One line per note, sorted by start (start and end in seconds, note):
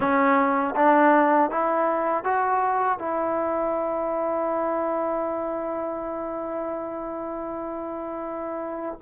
0.00 0.74 C#4
0.75 1.50 D4
1.50 2.23 E4
2.23 2.98 F#4
2.99 8.99 E4